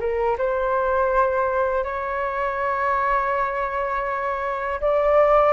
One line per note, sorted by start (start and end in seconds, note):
0.00 0.37 A#4
0.38 1.84 C5
1.84 4.80 C#5
4.81 5.53 D5